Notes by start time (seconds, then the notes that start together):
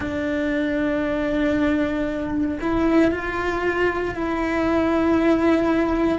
0.00 D4
2.61 E4
3.11 F4
4.14 E4